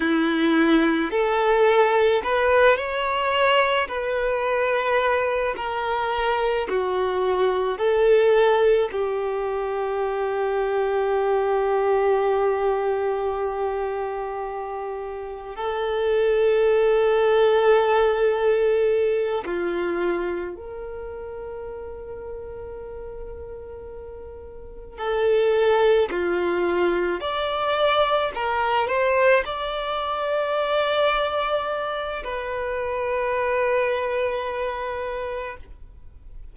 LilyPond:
\new Staff \with { instrumentName = "violin" } { \time 4/4 \tempo 4 = 54 e'4 a'4 b'8 cis''4 b'8~ | b'4 ais'4 fis'4 a'4 | g'1~ | g'2 a'2~ |
a'4. f'4 ais'4.~ | ais'2~ ais'8 a'4 f'8~ | f'8 d''4 ais'8 c''8 d''4.~ | d''4 b'2. | }